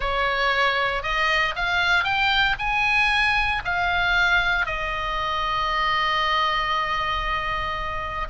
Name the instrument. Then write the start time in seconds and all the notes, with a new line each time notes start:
oboe
0.00 C#5
1.03 D#5
1.55 F5
2.04 G5
2.59 G#5
3.64 F5
4.66 D#5